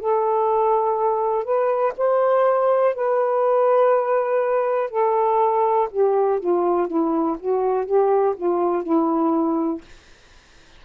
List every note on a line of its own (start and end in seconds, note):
0.00 1.44 A4
1.44 1.94 B4
1.98 2.95 C5
2.95 4.90 B4
4.90 5.89 A4
5.91 6.40 G4
6.40 6.88 F4
6.88 7.37 E4
7.40 7.86 F#4
7.86 8.35 G4
8.36 8.83 F4
8.83 9.82 E4